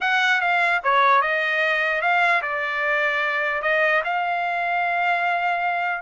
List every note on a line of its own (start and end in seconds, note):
0.01 0.40 F#5
0.40 0.81 F5
0.83 1.21 C#5
1.21 2.01 D#5
2.01 2.41 F5
2.42 3.62 D5
3.62 4.02 D#5
4.04 6.01 F5